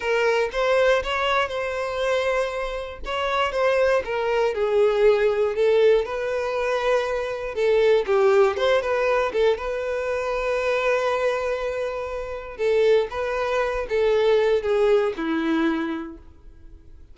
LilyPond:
\new Staff \with { instrumentName = "violin" } { \time 4/4 \tempo 4 = 119 ais'4 c''4 cis''4 c''4~ | c''2 cis''4 c''4 | ais'4 gis'2 a'4 | b'2. a'4 |
g'4 c''8 b'4 a'8 b'4~ | b'1~ | b'4 a'4 b'4. a'8~ | a'4 gis'4 e'2 | }